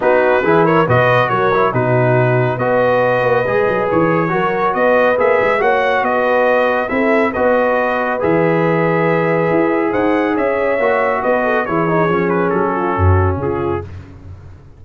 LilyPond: <<
  \new Staff \with { instrumentName = "trumpet" } { \time 4/4 \tempo 4 = 139 b'4. cis''8 dis''4 cis''4 | b'2 dis''2~ | dis''4 cis''2 dis''4 | e''4 fis''4 dis''2 |
e''4 dis''2 e''4~ | e''2. fis''4 | e''2 dis''4 cis''4~ | cis''8 b'8 a'2 gis'4 | }
  \new Staff \with { instrumentName = "horn" } { \time 4/4 fis'4 gis'8 ais'8 b'4 ais'4 | fis'2 b'2~ | b'2 ais'4 b'4~ | b'4 cis''4 b'2 |
a'4 b'2.~ | b'2. c''4 | cis''2 b'8 a'8 gis'4~ | gis'4. f'8 fis'4 f'4 | }
  \new Staff \with { instrumentName = "trombone" } { \time 4/4 dis'4 e'4 fis'4. e'8 | dis'2 fis'2 | gis'2 fis'2 | gis'4 fis'2. |
e'4 fis'2 gis'4~ | gis'1~ | gis'4 fis'2 e'8 dis'8 | cis'1 | }
  \new Staff \with { instrumentName = "tuba" } { \time 4/4 b4 e4 b,4 fis4 | b,2 b4. ais8 | gis8 fis8 e4 fis4 b4 | ais8 gis8 ais4 b2 |
c'4 b2 e4~ | e2 e'4 dis'4 | cis'4 ais4 b4 e4 | f4 fis4 fis,4 cis4 | }
>>